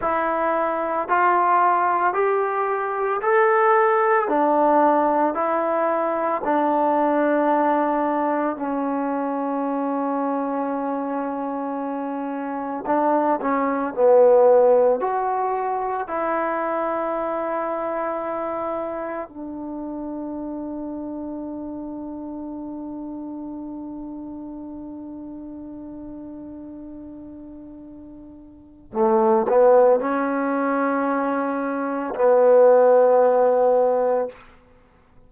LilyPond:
\new Staff \with { instrumentName = "trombone" } { \time 4/4 \tempo 4 = 56 e'4 f'4 g'4 a'4 | d'4 e'4 d'2 | cis'1 | d'8 cis'8 b4 fis'4 e'4~ |
e'2 d'2~ | d'1~ | d'2. a8 b8 | cis'2 b2 | }